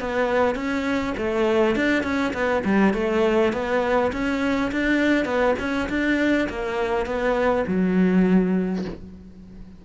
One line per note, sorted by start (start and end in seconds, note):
0.00 0.55 B3
0.55 1.14 C#4
1.17 1.75 A3
1.75 2.03 D4
2.03 2.33 C#4
2.33 2.63 B3
2.64 2.94 G3
2.94 3.52 A3
3.53 4.11 B3
4.12 4.71 C#4
4.71 5.25 D4
5.25 5.55 B3
5.59 5.89 C#4
5.89 6.48 D4
6.49 7.06 A#3
7.06 7.65 B3
7.67 8.84 F#3